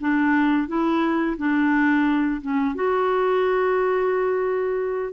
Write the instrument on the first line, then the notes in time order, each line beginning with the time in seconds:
clarinet
0.00 D4
0.68 E4
1.37 D4
2.41 C#4
2.75 F#4